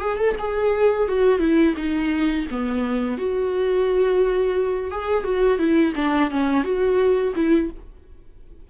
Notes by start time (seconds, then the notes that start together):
0.00 G#4
0.17 A4
0.39 G#4
1.08 F#4
1.39 E4
1.76 D#4
2.51 B3
3.17 F#4
4.91 G#4
5.24 F#4
5.58 E4
5.95 D4
6.30 C#4
6.63 F#4
7.35 E4